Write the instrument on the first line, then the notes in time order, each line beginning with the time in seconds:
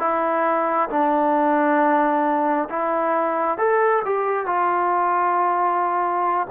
trombone
0.00 E4
0.90 D4
2.70 E4
3.59 A4
4.05 G4
4.47 F4